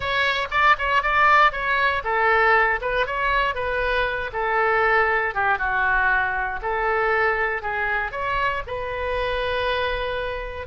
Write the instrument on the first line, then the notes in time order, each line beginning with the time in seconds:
oboe
0.00 C#5
0.50 D5
0.78 C#5
1.02 D5
1.52 C#5
2.03 A4
2.81 B4
3.06 C#5
3.54 B4
4.32 A4
5.34 G4
5.58 F#4
6.61 A4
7.62 G#4
8.11 C#5
8.66 B4